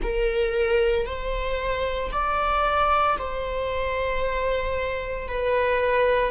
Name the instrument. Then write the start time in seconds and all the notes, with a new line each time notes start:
viola
0.02 A#4
1.06 C5
2.11 D5
3.18 C5
5.27 B4